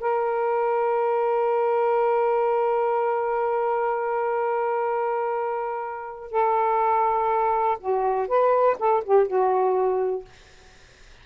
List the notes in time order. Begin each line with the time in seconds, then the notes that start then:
0.00 A#4
6.31 A4
7.80 F#4
8.28 B4
8.79 A4
9.04 G4
9.27 F#4